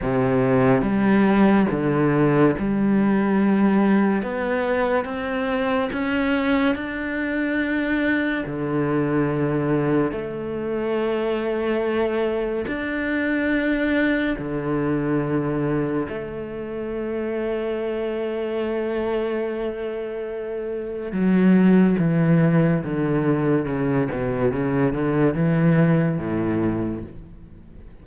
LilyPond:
\new Staff \with { instrumentName = "cello" } { \time 4/4 \tempo 4 = 71 c4 g4 d4 g4~ | g4 b4 c'4 cis'4 | d'2 d2 | a2. d'4~ |
d'4 d2 a4~ | a1~ | a4 fis4 e4 d4 | cis8 b,8 cis8 d8 e4 a,4 | }